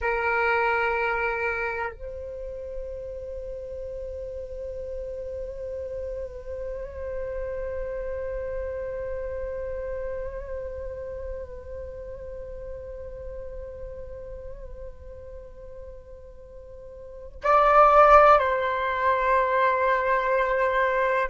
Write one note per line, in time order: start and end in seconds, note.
0.00 1.93 A#4
1.93 17.41 C5
17.43 18.39 D5
18.39 21.29 C5